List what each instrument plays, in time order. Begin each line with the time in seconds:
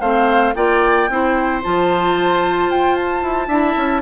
0.00 bassoon A3, clarinet C4, oboe C5, flute F5
0.54 bassoon A#3, clarinet F4, oboe D5, flute G5
1.09 bassoon C4, clarinet E4, oboe C5
1.62 bassoon F3, clarinet F4, flute A5
2.69 bassoon F4, flute G5
2.95 flute A5
3.22 bassoon E4
3.47 bassoon D4, clarinet E4, oboe E5
3.76 bassoon C#4